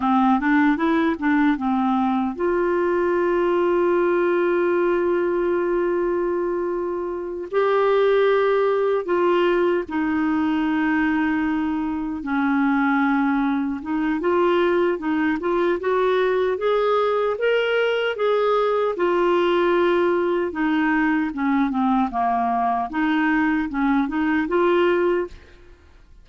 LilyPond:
\new Staff \with { instrumentName = "clarinet" } { \time 4/4 \tempo 4 = 76 c'8 d'8 e'8 d'8 c'4 f'4~ | f'1~ | f'4. g'2 f'8~ | f'8 dis'2. cis'8~ |
cis'4. dis'8 f'4 dis'8 f'8 | fis'4 gis'4 ais'4 gis'4 | f'2 dis'4 cis'8 c'8 | ais4 dis'4 cis'8 dis'8 f'4 | }